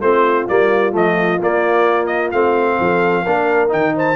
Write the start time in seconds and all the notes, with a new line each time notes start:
0.00 A3 C4 F4 C5
0.48 G3 A#3 D5
0.92 F3 A3 D#5
1.42 A#3 D5
2.06 D#5
2.31 A3 C4 F5
2.79 F3 A4
3.23 A#3 D4 A#4
3.68 D#3 D#4 G5
3.95 C5 A5